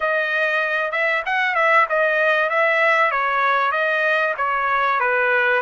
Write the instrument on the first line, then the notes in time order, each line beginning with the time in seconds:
trumpet
0.00 D#5
0.91 E5
1.25 F#5
1.55 E5
1.89 D#5
2.49 E5
3.11 C#5
3.71 D#5
4.37 C#5
5.00 B4